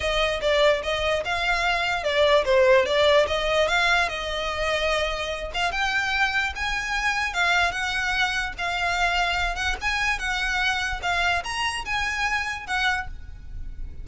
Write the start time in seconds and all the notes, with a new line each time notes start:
0.00 D#5
0.41 D5
0.82 D#5
1.24 F5
2.03 D5
2.45 C5
2.85 D5
3.27 D#5
3.68 F5
4.09 D#5
5.53 F5
5.71 G5
6.55 G#5
7.33 F5
7.71 F#5
8.58 F5
9.55 F#5
9.81 G#5
10.18 F#5
11.02 F5
11.43 A#5
11.85 G#5
12.67 F#5